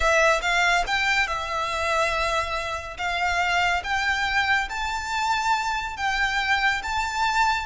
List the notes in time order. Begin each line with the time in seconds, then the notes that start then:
0.00 E5
0.41 F5
0.86 G5
1.27 E5
2.97 F5
3.83 G5
4.69 A5
5.97 G5
6.82 A5